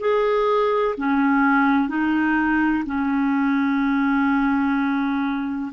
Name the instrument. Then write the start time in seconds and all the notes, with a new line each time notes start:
clarinet
0.00 G#4
0.97 C#4
1.89 D#4
2.86 C#4